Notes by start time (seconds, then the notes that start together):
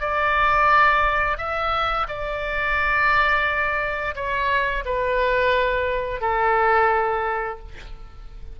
0.00 D5
1.38 E5
2.08 D5
4.15 C#5
4.85 B4
6.21 A4